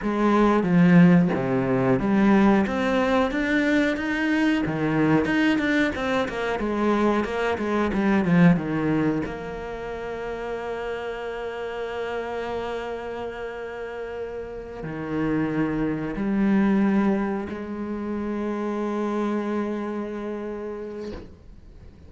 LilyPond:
\new Staff \with { instrumentName = "cello" } { \time 4/4 \tempo 4 = 91 gis4 f4 c4 g4 | c'4 d'4 dis'4 dis4 | dis'8 d'8 c'8 ais8 gis4 ais8 gis8 | g8 f8 dis4 ais2~ |
ais1~ | ais2~ ais8 dis4.~ | dis8 g2 gis4.~ | gis1 | }